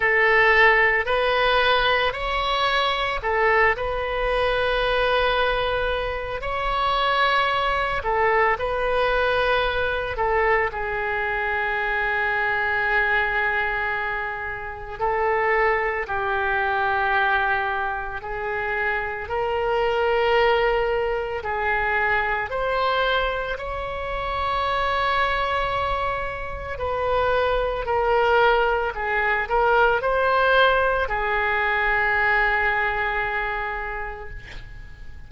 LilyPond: \new Staff \with { instrumentName = "oboe" } { \time 4/4 \tempo 4 = 56 a'4 b'4 cis''4 a'8 b'8~ | b'2 cis''4. a'8 | b'4. a'8 gis'2~ | gis'2 a'4 g'4~ |
g'4 gis'4 ais'2 | gis'4 c''4 cis''2~ | cis''4 b'4 ais'4 gis'8 ais'8 | c''4 gis'2. | }